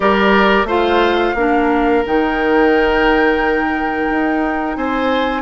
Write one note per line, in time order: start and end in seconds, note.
0.00 0.64 G3
0.00 0.66 G4
0.00 0.67 A#4
0.00 0.67 D5
0.64 1.32 A3
0.64 1.36 F4
0.64 1.35 C5
0.64 2.05 F5
1.34 2.03 A#3
1.34 2.04 D4
1.34 4.77 A#4
2.04 4.09 D#3
2.04 5.42 D#4
2.04 4.76 G5
4.09 4.76 D#4
4.76 5.42 C4
4.76 5.42 C5
4.76 5.42 G#5